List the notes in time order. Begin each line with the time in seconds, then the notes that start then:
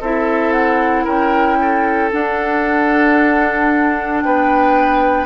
0.00 C4 E4 A4 E5
0.52 F#5
1.04 C#4 A#4 G5
1.60 A4
2.11 D4 F#5
4.21 B3 B4 G5